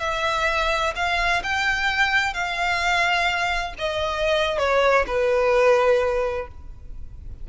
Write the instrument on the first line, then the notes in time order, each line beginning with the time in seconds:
violin
0.00 E5
0.96 F5
1.44 G5
2.34 F5
3.79 D#5
4.59 C#5
5.07 B4